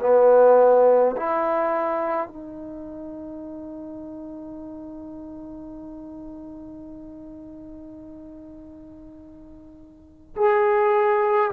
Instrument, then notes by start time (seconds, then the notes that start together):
trombone
0.00 B3
1.16 E4
2.27 D#4
10.36 G#4